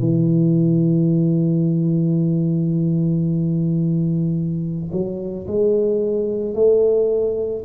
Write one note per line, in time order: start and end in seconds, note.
0.00 4.91 E3
4.93 5.47 F#3
5.47 6.55 G#3
6.55 7.64 A3